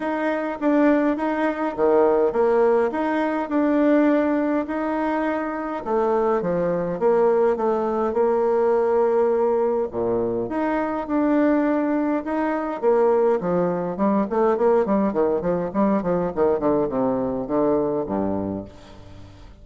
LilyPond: \new Staff \with { instrumentName = "bassoon" } { \time 4/4 \tempo 4 = 103 dis'4 d'4 dis'4 dis4 | ais4 dis'4 d'2 | dis'2 a4 f4 | ais4 a4 ais2~ |
ais4 ais,4 dis'4 d'4~ | d'4 dis'4 ais4 f4 | g8 a8 ais8 g8 dis8 f8 g8 f8 | dis8 d8 c4 d4 g,4 | }